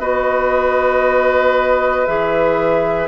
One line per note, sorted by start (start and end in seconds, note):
0.00 2.07 B3
0.00 2.07 F#4
0.00 3.08 B4
0.00 2.06 D#5
2.06 3.08 E3
2.06 3.08 G#4
2.06 3.08 E5